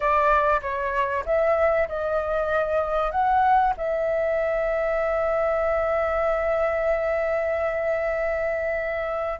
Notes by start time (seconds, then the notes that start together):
0.00 D5
0.61 C#5
1.25 E5
1.88 D#5
3.11 F#5
3.77 E5